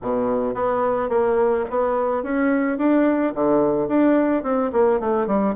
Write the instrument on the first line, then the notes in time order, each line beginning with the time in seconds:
bassoon
0.02 B2
0.54 B3
1.09 A#3
1.70 B3
2.23 C#4
2.78 D4
3.34 D3
3.87 D4
4.43 C4
4.72 A#3
5.00 A3
5.27 G3